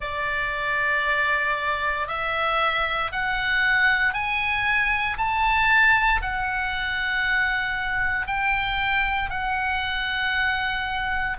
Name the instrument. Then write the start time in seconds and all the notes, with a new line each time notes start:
oboe
0.00 D5
2.07 E5
3.12 F#5
4.13 G#5
5.17 A5
6.21 F#5
8.26 G5
9.30 F#5